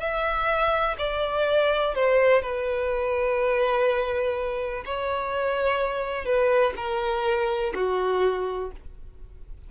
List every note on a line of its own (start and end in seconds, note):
0.00 0.97 E5
0.99 1.95 D5
1.95 2.42 C5
2.42 4.84 B4
4.86 6.25 C#5
6.25 6.73 B4
6.77 7.73 A#4
7.75 8.71 F#4